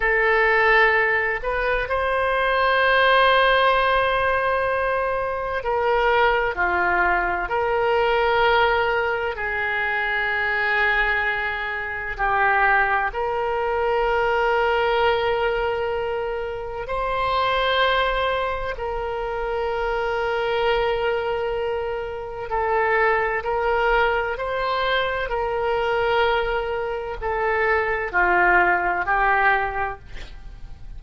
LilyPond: \new Staff \with { instrumentName = "oboe" } { \time 4/4 \tempo 4 = 64 a'4. b'8 c''2~ | c''2 ais'4 f'4 | ais'2 gis'2~ | gis'4 g'4 ais'2~ |
ais'2 c''2 | ais'1 | a'4 ais'4 c''4 ais'4~ | ais'4 a'4 f'4 g'4 | }